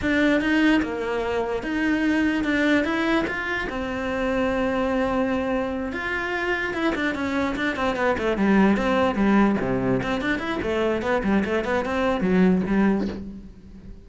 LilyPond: \new Staff \with { instrumentName = "cello" } { \time 4/4 \tempo 4 = 147 d'4 dis'4 ais2 | dis'2 d'4 e'4 | f'4 c'2.~ | c'2~ c'8 f'4.~ |
f'8 e'8 d'8 cis'4 d'8 c'8 b8 | a8 g4 c'4 g4 c8~ | c8 c'8 d'8 e'8 a4 b8 g8 | a8 b8 c'4 fis4 g4 | }